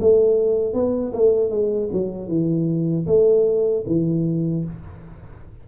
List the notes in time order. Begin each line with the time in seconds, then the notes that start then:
0.00 A3
0.73 B3
1.13 A3
1.50 G#3
1.92 F#3
2.28 E3
3.06 A3
3.86 E3